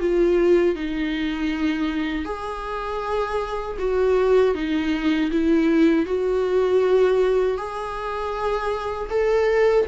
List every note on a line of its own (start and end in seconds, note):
0.00 0.76 F4
0.76 2.25 D#4
2.25 3.77 G#4
3.79 4.55 F#4
4.55 5.31 D#4
5.31 6.06 E4
6.06 7.58 F#4
7.58 9.10 G#4
9.10 9.86 A4